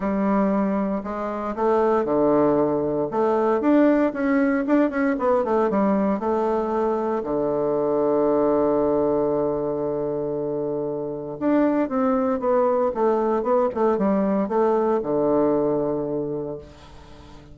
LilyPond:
\new Staff \with { instrumentName = "bassoon" } { \time 4/4 \tempo 4 = 116 g2 gis4 a4 | d2 a4 d'4 | cis'4 d'8 cis'8 b8 a8 g4 | a2 d2~ |
d1~ | d2 d'4 c'4 | b4 a4 b8 a8 g4 | a4 d2. | }